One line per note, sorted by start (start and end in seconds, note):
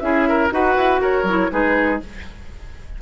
0.00 0.51 C#4
0.00 0.51 E4
0.00 0.29 G#4
0.00 0.49 E5
0.29 0.54 A#4
0.51 0.77 D#4
0.51 1.25 F#4
0.51 1.02 B4
0.51 1.02 F#5
0.77 1.00 E4
1.00 1.24 F#4
1.00 1.51 A#4
1.00 1.52 C#5
1.24 1.48 F#3
1.24 1.51 E4
1.51 2.02 G#3
1.51 2.00 D#4
1.51 2.02 G#4
1.51 2.01 B4